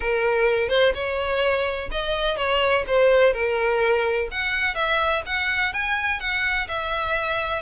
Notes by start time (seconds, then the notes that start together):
0.00 A#4
0.68 C5
0.94 C#5
1.91 D#5
2.37 C#5
2.87 C5
3.33 A#4
4.31 F#5
4.74 E5
5.26 F#5
5.73 G#5
6.19 F#5
6.68 E5